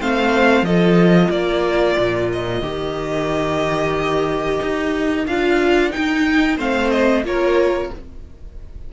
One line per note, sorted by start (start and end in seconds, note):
0.00 0.62 A3
0.00 0.66 C4
0.00 0.66 C5
0.00 0.65 F5
0.62 1.28 F3
0.62 2.62 F4
0.62 1.32 A4
0.62 1.31 D#5
1.30 1.96 A#3
1.30 6.57 A#4
1.30 2.30 D5
1.98 2.62 A#2
2.33 5.27 D#5
2.62 4.60 D#3
2.62 5.26 G4
4.62 5.27 D#4
5.27 5.93 D4
5.27 5.91 F4
5.27 5.92 F5
5.91 6.57 D#4
5.91 6.58 G5
5.97 6.59 D#4
6.57 7.24 A3
6.57 7.24 C4
6.57 7.23 C5
6.57 6.91 F5
6.91 7.23 D#5
7.24 7.90 A#3
7.24 7.91 F4
7.24 7.93 A#4
7.24 7.93 C#5